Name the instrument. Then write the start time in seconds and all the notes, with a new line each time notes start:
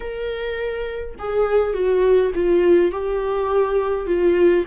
viola
0.00 A#4
1.19 G#4
1.73 F#4
2.35 F4
2.91 G4
4.06 F4